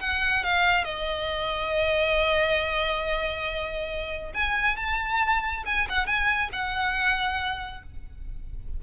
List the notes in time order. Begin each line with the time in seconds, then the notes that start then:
0.00 F#5
0.43 F5
0.84 D#5
4.34 G#5
4.76 A5
5.66 G#5
5.89 F#5
6.06 G#5
6.52 F#5